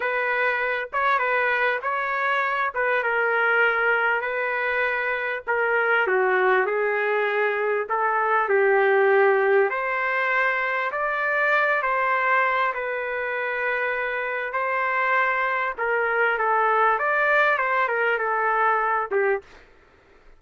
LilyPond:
\new Staff \with { instrumentName = "trumpet" } { \time 4/4 \tempo 4 = 99 b'4. cis''8 b'4 cis''4~ | cis''8 b'8 ais'2 b'4~ | b'4 ais'4 fis'4 gis'4~ | gis'4 a'4 g'2 |
c''2 d''4. c''8~ | c''4 b'2. | c''2 ais'4 a'4 | d''4 c''8 ais'8 a'4. g'8 | }